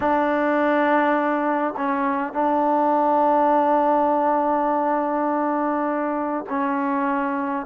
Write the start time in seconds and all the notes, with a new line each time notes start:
0.00 D4
1.76 C#4
2.33 D4
6.49 C#4